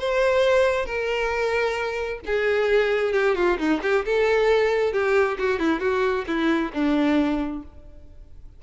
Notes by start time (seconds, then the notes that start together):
0.00 C5
0.86 A#4
2.26 G#4
3.13 G4
3.36 F4
3.58 D#4
3.83 G4
4.06 A4
4.93 G4
5.39 F#4
5.59 E4
5.80 F#4
6.28 E4
6.74 D4